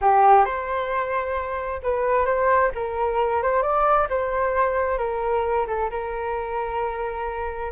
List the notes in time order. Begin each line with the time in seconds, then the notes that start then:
0.01 G4
0.45 C5
1.82 B4
2.25 C5
2.74 A#4
3.42 C5
3.62 D5
4.09 C5
4.98 A#4
5.67 A4
5.90 A#4